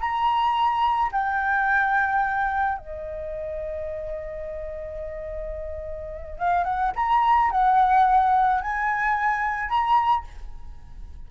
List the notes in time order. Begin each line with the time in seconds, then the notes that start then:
0.00 A#5
1.12 G5
2.78 D#5
6.39 F5
6.64 F#5
6.96 A#5
7.51 F#5
8.61 G#5
9.69 A#5